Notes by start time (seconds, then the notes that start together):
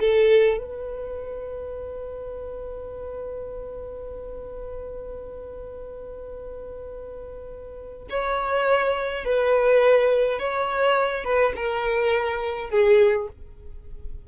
0.00 A4
0.57 B4
8.10 C#5
9.25 B4
10.39 C#5
11.24 B4
11.56 A#4
12.70 G#4